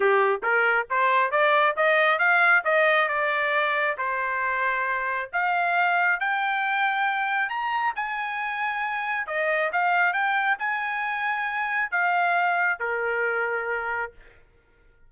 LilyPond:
\new Staff \with { instrumentName = "trumpet" } { \time 4/4 \tempo 4 = 136 g'4 ais'4 c''4 d''4 | dis''4 f''4 dis''4 d''4~ | d''4 c''2. | f''2 g''2~ |
g''4 ais''4 gis''2~ | gis''4 dis''4 f''4 g''4 | gis''2. f''4~ | f''4 ais'2. | }